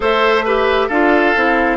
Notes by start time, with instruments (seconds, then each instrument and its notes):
0.00 bassoon A3, clarinet A4, oboe C5, flute E5
0.45 clarinet G4, oboe B4
0.88 bassoon D4, clarinet F4, oboe A4, flute F5
1.35 bassoon C4, clarinet E4